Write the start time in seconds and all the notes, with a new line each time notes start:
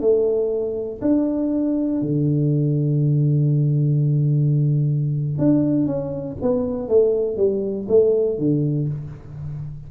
0.00 A3
1.01 D4
2.01 D3
5.38 D4
5.86 C#4
6.41 B3
6.88 A3
7.36 G3
7.88 A3
8.38 D3